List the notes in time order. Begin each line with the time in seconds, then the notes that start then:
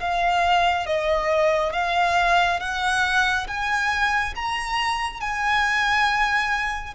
0.00 F5
0.86 D#5
1.72 F5
2.60 F#5
3.47 G#5
4.35 A#5
5.20 G#5